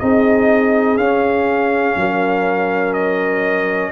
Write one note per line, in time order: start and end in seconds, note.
0.00 0.98 C4
0.00 0.99 D#4
0.00 1.99 G#4
0.00 0.98 D#5
0.98 1.96 C#4
0.98 3.92 C#4
0.98 2.94 F5
1.96 3.92 F#3
1.96 3.92 A#4
2.94 3.92 D#5